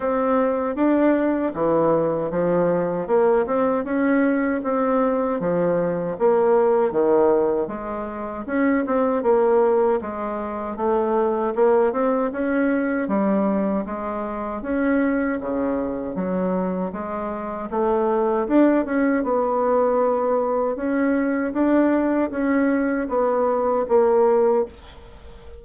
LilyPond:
\new Staff \with { instrumentName = "bassoon" } { \time 4/4 \tempo 4 = 78 c'4 d'4 e4 f4 | ais8 c'8 cis'4 c'4 f4 | ais4 dis4 gis4 cis'8 c'8 | ais4 gis4 a4 ais8 c'8 |
cis'4 g4 gis4 cis'4 | cis4 fis4 gis4 a4 | d'8 cis'8 b2 cis'4 | d'4 cis'4 b4 ais4 | }